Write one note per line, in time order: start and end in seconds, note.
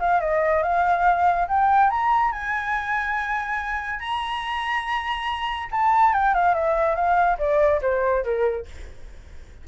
0.00 0.21 F5
0.21 0.63 D#5
0.63 1.48 F5
1.48 1.90 G5
1.90 2.32 A#5
2.32 4.00 G#5
4.00 5.69 A#5
5.72 6.14 A5
6.14 6.34 G5
6.34 6.55 F5
6.55 6.95 E5
6.95 7.38 F5
7.39 7.81 D5
7.82 8.24 C5
8.24 8.66 A#4